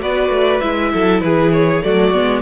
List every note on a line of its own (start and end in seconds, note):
0.00 0.29 B3
0.00 0.61 F#4
0.00 0.92 B4
0.00 0.60 D5
0.29 0.60 A3
0.60 0.93 G#3
0.60 1.81 E4
0.60 1.20 E5
0.93 1.21 F#3
0.93 1.23 A4
1.20 1.82 E3
1.20 1.85 G#4
1.20 1.51 B4
1.52 1.82 C#5
1.81 2.14 F#3
1.81 2.12 A3
1.81 2.42 F#4
1.81 2.42 D5
2.13 2.42 G#3
2.13 2.42 B3